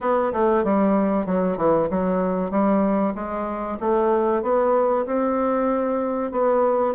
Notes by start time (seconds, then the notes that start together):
0.00 B3
0.32 A3
0.63 G3
1.25 F#3
1.57 E3
1.90 F#3
2.50 G3
3.14 G#3
3.80 A3
4.42 B3
5.06 C4
6.31 B3